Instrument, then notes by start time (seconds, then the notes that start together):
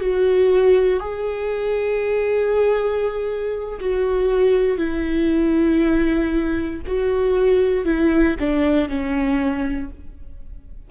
viola
0.00 F#4
1.00 G#4
3.80 F#4
4.78 E4
6.87 F#4
7.85 E4
8.39 D4
8.88 C#4